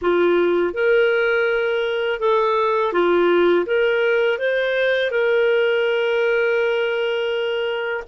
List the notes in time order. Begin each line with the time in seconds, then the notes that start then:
0.01 F4
0.73 A#4
2.19 A4
2.92 F4
3.66 A#4
4.38 C5
5.11 A#4